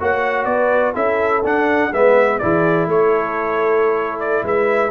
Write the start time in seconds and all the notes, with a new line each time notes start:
0.00 A#3 F#4 C#5 F#5
0.45 B3 B4 D5
0.95 C#4 E4 A4 E5
1.44 D4 F#5
1.93 G#3 B3 B4 E5
2.39 E3 E4 G#4 D5
2.87 A3 A4 C#5
4.20 D5
4.44 G#3 B4 E5